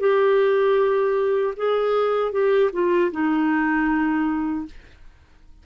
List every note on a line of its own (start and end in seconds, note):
0.00 1.54 G4
1.56 2.32 G#4
2.32 2.70 G4
2.73 3.11 F4
3.12 4.65 D#4